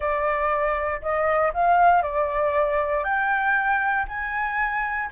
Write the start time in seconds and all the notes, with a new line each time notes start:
0.00 D5
1.01 D#5
1.53 F5
2.02 D5
3.04 G5
4.08 G#5